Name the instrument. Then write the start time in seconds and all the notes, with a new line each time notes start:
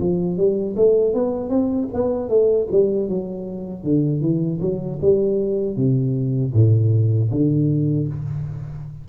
tuba
0.00 F3
0.37 G3
0.77 A3
1.14 B3
1.50 C4
1.94 B3
2.29 A3
2.71 G3
3.09 F#3
3.84 D3
4.21 E3
4.61 F#3
5.02 G3
5.77 C3
6.54 A2
7.31 D3